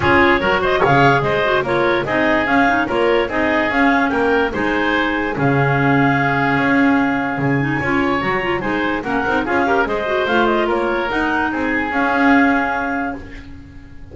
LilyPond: <<
  \new Staff \with { instrumentName = "clarinet" } { \time 4/4 \tempo 4 = 146 cis''4. dis''8 f''4 dis''4 | cis''4 dis''4 f''4 cis''4 | dis''4 f''4 g''4 gis''4~ | gis''4 f''2.~ |
f''2 gis''2 | ais''4 gis''4 fis''4 f''4 | dis''4 f''8 dis''8 cis''4 fis''4 | gis''4 f''2. | }
  \new Staff \with { instrumentName = "oboe" } { \time 4/4 gis'4 ais'8 c''8 cis''4 c''4 | ais'4 gis'2 ais'4 | gis'2 ais'4 c''4~ | c''4 gis'2.~ |
gis'2. cis''4~ | cis''4 c''4 ais'4 gis'8 ais'8 | c''2 ais'2 | gis'1 | }
  \new Staff \with { instrumentName = "clarinet" } { \time 4/4 f'4 fis'4 gis'4. fis'8 | f'4 dis'4 cis'8 dis'8 f'4 | dis'4 cis'2 dis'4~ | dis'4 cis'2.~ |
cis'2~ cis'8 dis'8 f'4 | fis'8 f'8 dis'4 cis'8 dis'8 f'8 g'8 | gis'8 fis'8 f'2 dis'4~ | dis'4 cis'2. | }
  \new Staff \with { instrumentName = "double bass" } { \time 4/4 cis'4 fis4 cis4 gis4 | ais4 c'4 cis'4 ais4 | c'4 cis'4 ais4 gis4~ | gis4 cis2. |
cis'2 cis4 cis'4 | fis4 gis4 ais8 c'8 cis'4 | gis4 a4 ais4 dis'4 | c'4 cis'2. | }
>>